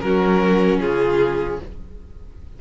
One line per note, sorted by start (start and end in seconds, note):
0.00 0.80 F#3
0.00 1.61 C#4
0.00 0.80 F#4
0.00 0.79 A#4
0.80 1.59 C#3
0.80 1.59 F4
0.80 1.60 G#4